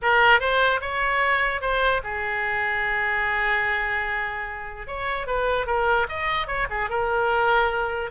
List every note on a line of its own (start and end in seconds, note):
0.02 0.39 A#4
0.39 0.80 C5
0.81 1.61 C#5
1.61 2.01 C5
2.03 4.87 G#4
4.87 5.26 C#5
5.26 5.66 B4
5.66 6.06 A#4
6.08 6.47 D#5
6.47 6.67 C#5
6.70 6.89 G#4
6.89 8.10 A#4